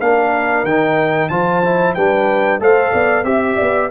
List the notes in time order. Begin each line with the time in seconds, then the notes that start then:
0.00 A#3 D4 A#4 F5
0.64 D#3 D#4 G5
1.29 F3 F4 C5 A5
1.65 E4
1.95 G3 D4 B4 G5
2.59 A3 A4 C5 F5
2.93 B3 D5
3.24 C4 G4 E5
3.57 B3 D5